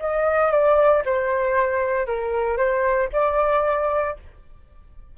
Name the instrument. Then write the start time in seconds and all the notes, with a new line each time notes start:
flute
0.00 D#5
0.51 D5
1.06 C5
2.07 A#4
2.57 C5
3.13 D5